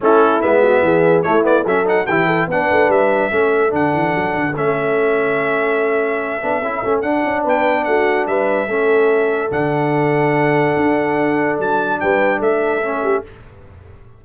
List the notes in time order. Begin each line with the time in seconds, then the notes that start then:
0.01 A3 C#4 E4 A4
0.41 G#3 B3 E5
0.61 F#4
0.81 E3 G#4
1.22 A3 E4 C#5
1.42 B3 D5
1.65 F#3 C#4 A4 E5
1.84 D#4 F#5
2.06 E3 E4 G4 G5
2.26 A4
2.47 B3 D4 B4 F#5
2.71 A3
2.88 G3 E5
3.31 A3 C#4 A4
3.69 D3 D4 F#5
3.93 E3
4.15 F#3
4.34 D3
4.55 A3 C#4 E5
6.41 B3 D4
6.62 C#4 E4
6.84 A3 C#4
7.01 D4 F#5
7.25 C#4
7.43 B3 B4 G5
7.84 A3 F#4 F#5
8.27 G3 B4 E5
8.67 A3 C#4 A4
9.50 D3 D4 F#5
10.76 D4
11.58 F#3 A5
12.00 G3 B4 G5
12.39 A3 A4 E5
12.82 C#4
13.02 G4